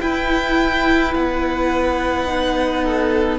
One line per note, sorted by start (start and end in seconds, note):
0.00 2.26 E4
0.00 1.14 E4
0.00 2.84 B4
0.00 1.14 G5
1.14 3.38 B3
1.14 3.38 F#5
2.26 3.38 D#4
2.84 3.38 A4